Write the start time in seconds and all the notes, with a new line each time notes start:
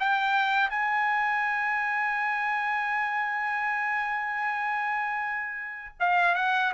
0.00 G5
0.70 G#5
6.00 F5
6.35 F#5